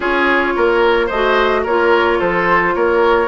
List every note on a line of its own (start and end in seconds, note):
0.00 0.55 C#4
0.00 1.10 F4
0.00 0.53 G#4
0.00 1.08 C#5
0.56 1.10 A#3
0.56 1.06 A#4
1.06 1.65 A3
1.06 1.61 C5
1.06 1.63 D#5
1.13 1.68 F#4
1.63 2.20 A#3
1.63 3.28 F4
1.63 2.18 A#4
1.63 2.19 C#5
2.19 2.75 F3
2.19 2.74 A4
2.19 2.74 C5
2.74 3.28 A#3
2.74 3.28 A#4
2.74 3.28 C#5